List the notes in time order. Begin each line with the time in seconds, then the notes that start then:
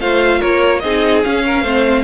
0.00 A3 F4 C5 F5
0.39 A#3 A#4 C#5
0.80 C4 D#4 G#4 D#5
1.24 C#4 F5
1.45 A#4
1.61 A3 C4 C5